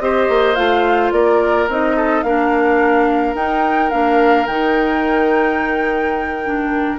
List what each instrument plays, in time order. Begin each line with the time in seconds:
0.00 bassoon C4, clarinet G4, oboe C5, flute D#5
0.29 bassoon A#3
0.55 bassoon A3, clarinet F4, flute F5
1.12 bassoon A#3, oboe A#4, flute D5
1.68 bassoon C4, clarinet D#4, flute D#5
1.96 oboe A4
2.23 bassoon A#3, clarinet D4, oboe A#4, flute F5
3.34 bassoon D#4, clarinet D#4, flute G5
3.90 bassoon A#3, clarinet D4, flute F5
4.46 bassoon D#3, clarinet D#4, flute G5
6.45 clarinet D4